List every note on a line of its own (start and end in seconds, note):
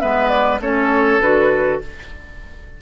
0.00 0.60 G#3
0.00 0.60 B3
0.00 0.61 B4
0.00 0.29 E5
0.29 0.59 D5
0.60 1.20 A3
0.60 1.22 C#4
0.60 1.82 A4
0.60 1.21 C#5
1.20 1.80 D3
1.20 1.82 F#4
1.20 1.81 B4